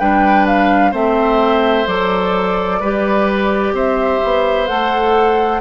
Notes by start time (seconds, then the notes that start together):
0.00 G3 D4 B4 G5
0.47 F5
0.92 A3 C4 C5 E5
1.87 F#3 A4 D5
2.80 G3 G4 B4
3.73 C4 C5 E5
4.24 B3
4.67 A3 A4 F#5